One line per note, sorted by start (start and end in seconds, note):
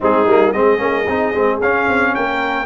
0.00 0.26 G#3
0.00 0.27 C4
0.00 0.53 D#4
0.00 0.52 G#4
0.26 0.52 G3
0.26 0.53 A#3
0.52 0.80 G#3
0.52 0.78 C4
0.52 2.14 G#4
0.52 1.59 D#5
0.78 1.07 A#3
0.78 1.04 C#4
1.07 1.34 C4
1.07 1.34 D#4
1.34 1.60 G#3
1.34 1.61 C4
1.60 1.87 C#4
1.60 2.65 C#4
1.60 2.15 F5
1.88 2.15 C4
2.14 2.65 A#3
2.14 2.65 A#4
2.14 2.65 G5